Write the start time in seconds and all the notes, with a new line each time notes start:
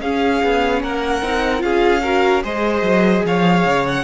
0.00 C#4 G#4 F5
0.44 B3
0.82 A#3 A#4 F#5
1.22 C4 D#4
1.59 C#4 F4 G#4 F5
2.03 F#4 A#4
2.43 G#3 G#4 C5 D#5
2.82 F#3
3.25 F3 C#5 F5
3.65 C#3
3.86 F#5